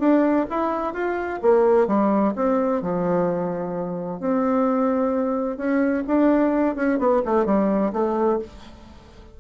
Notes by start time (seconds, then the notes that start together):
0.00 D4
0.50 E4
0.94 F4
1.42 A#3
1.88 G3
2.36 C4
2.82 F3
4.21 C4
5.58 C#4
6.08 D4
6.76 C#4
6.99 B3
7.25 A3
7.46 G3
7.93 A3